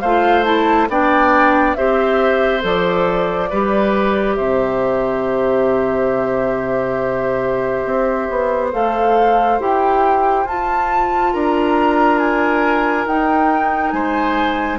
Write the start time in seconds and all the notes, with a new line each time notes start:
0.00 A3 F4 C5 F5
0.44 E4 A5
0.89 B3 D4 D5 G5
1.75 C4 G4 C5 E5
2.61 F3 A4 D5
3.50 G3 G4 B4
4.34 C3 C5 E5
7.84 C4
8.30 B3
8.72 A3 A4 F5
9.59 E4 G4 G5
10.45 F4 A5
11.33 D4 A#4 A#5
12.18 G#5
13.06 D#4 G5
13.91 G#3 C5 G#5